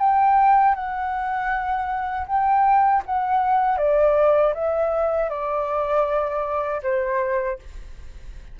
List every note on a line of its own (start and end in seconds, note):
0.00 0.75 G5
0.75 2.27 F#5
2.28 3.03 G5
3.06 3.78 F#5
3.78 4.54 D5
4.54 5.30 E5
5.30 6.82 D5
6.83 7.59 C5